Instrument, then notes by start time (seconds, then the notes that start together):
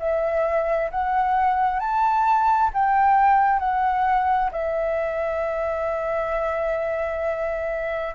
flute
0.00 E5
0.91 F#5
1.80 A5
2.74 G5
3.60 F#5
4.52 E5